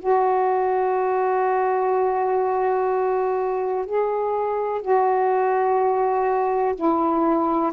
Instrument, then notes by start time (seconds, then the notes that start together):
saxophone
0.00 F#4
3.86 G#4
4.81 F#4
6.75 E4